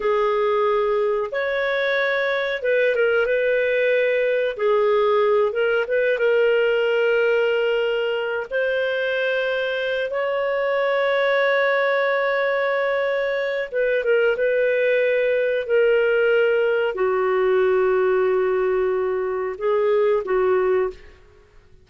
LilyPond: \new Staff \with { instrumentName = "clarinet" } { \time 4/4 \tempo 4 = 92 gis'2 cis''2 | b'8 ais'8 b'2 gis'4~ | gis'8 ais'8 b'8 ais'2~ ais'8~ | ais'4 c''2~ c''8 cis''8~ |
cis''1~ | cis''4 b'8 ais'8 b'2 | ais'2 fis'2~ | fis'2 gis'4 fis'4 | }